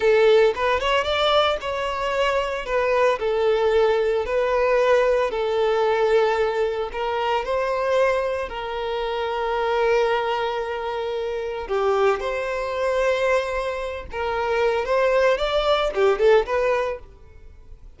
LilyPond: \new Staff \with { instrumentName = "violin" } { \time 4/4 \tempo 4 = 113 a'4 b'8 cis''8 d''4 cis''4~ | cis''4 b'4 a'2 | b'2 a'2~ | a'4 ais'4 c''2 |
ais'1~ | ais'2 g'4 c''4~ | c''2~ c''8 ais'4. | c''4 d''4 g'8 a'8 b'4 | }